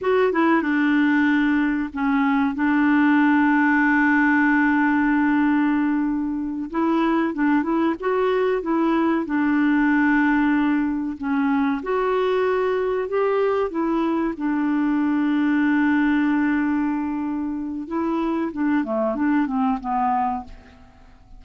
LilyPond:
\new Staff \with { instrumentName = "clarinet" } { \time 4/4 \tempo 4 = 94 fis'8 e'8 d'2 cis'4 | d'1~ | d'2~ d'8 e'4 d'8 | e'8 fis'4 e'4 d'4.~ |
d'4. cis'4 fis'4.~ | fis'8 g'4 e'4 d'4.~ | d'1 | e'4 d'8 a8 d'8 c'8 b4 | }